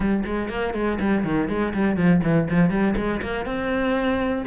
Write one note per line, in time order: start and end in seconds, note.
0.00 0.23 G3
0.25 0.49 G#3
0.49 0.73 A#3
0.73 0.98 G#3
1.00 1.24 G3
1.24 1.48 D#3
1.48 1.73 G#3
1.73 1.96 G3
1.96 2.21 F3
2.23 2.48 E3
2.50 2.70 F3
2.70 2.94 G3
2.96 3.21 G#3
3.21 3.45 A#3
3.45 4.44 C4